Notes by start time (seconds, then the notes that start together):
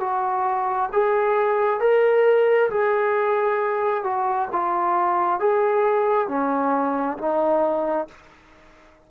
0.00 F#4
0.93 G#4
1.80 A#4
2.71 G#4
4.04 F#4
4.52 F4
5.40 G#4
6.28 C#4
7.18 D#4